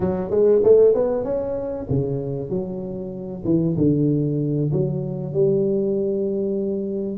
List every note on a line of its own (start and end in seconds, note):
0.00 0.30 F#3
0.30 0.61 G#3
0.63 0.94 A3
0.94 1.24 B3
1.24 1.86 C#4
1.89 2.49 C#3
2.49 3.43 F#3
3.44 3.76 E3
3.77 4.71 D3
4.72 5.33 F#3
5.33 7.18 G3